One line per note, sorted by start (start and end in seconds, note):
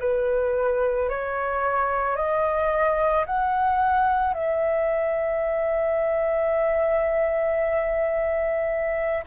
0.00 1.09 B4
1.09 2.16 C#5
2.16 3.25 D#5
3.26 4.33 F#5
4.33 9.24 E5